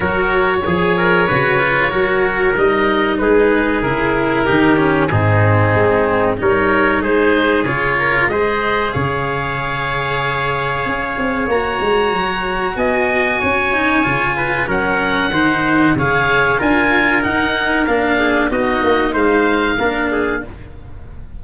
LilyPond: <<
  \new Staff \with { instrumentName = "oboe" } { \time 4/4 \tempo 4 = 94 cis''1 | dis''4 b'4 ais'2 | gis'2 cis''4 c''4 | cis''4 dis''4 f''2~ |
f''2 ais''2 | gis''2. fis''4~ | fis''4 f''4 gis''4 fis''4 | f''4 dis''4 f''2 | }
  \new Staff \with { instrumentName = "trumpet" } { \time 4/4 ais'4 gis'8 ais'8 b'4 ais'4~ | ais'4 gis'2 g'4 | dis'2 ais'4 gis'4~ | gis'8 ais'8 c''4 cis''2~ |
cis''1 | dis''4 cis''4. b'8 ais'4 | c''4 cis''4 ais'2~ | ais'8 gis'8 fis'4 c''4 ais'8 gis'8 | }
  \new Staff \with { instrumentName = "cello" } { \time 4/4 fis'4 gis'4 fis'8 f'8 fis'4 | dis'2 e'4 dis'8 cis'8 | c'2 dis'2 | f'4 gis'2.~ |
gis'2 fis'2~ | fis'4. dis'8 f'4 cis'4 | dis'4 gis'4 f'4 dis'4 | d'4 dis'2 d'4 | }
  \new Staff \with { instrumentName = "tuba" } { \time 4/4 fis4 f4 cis4 fis4 | g4 gis4 cis4 dis4 | gis,4 gis4 g4 gis4 | cis4 gis4 cis2~ |
cis4 cis'8 c'8 ais8 gis8 fis4 | b4 cis'4 cis4 fis4 | dis4 cis4 d'4 dis'4 | ais4 b8 ais8 gis4 ais4 | }
>>